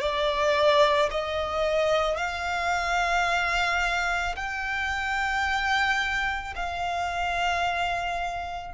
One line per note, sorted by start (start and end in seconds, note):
0.00 1.09 D5
1.11 2.16 D#5
2.16 4.34 F5
4.35 6.54 G5
6.55 8.73 F5